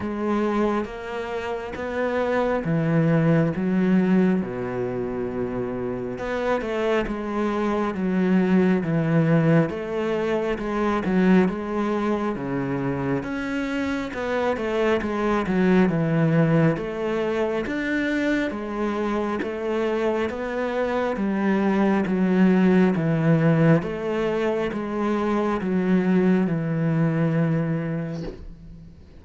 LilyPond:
\new Staff \with { instrumentName = "cello" } { \time 4/4 \tempo 4 = 68 gis4 ais4 b4 e4 | fis4 b,2 b8 a8 | gis4 fis4 e4 a4 | gis8 fis8 gis4 cis4 cis'4 |
b8 a8 gis8 fis8 e4 a4 | d'4 gis4 a4 b4 | g4 fis4 e4 a4 | gis4 fis4 e2 | }